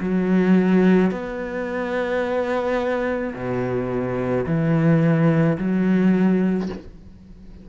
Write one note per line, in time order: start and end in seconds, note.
0.00 1.11 F#3
1.11 3.33 B3
3.34 4.45 B2
4.46 5.57 E3
5.58 6.69 F#3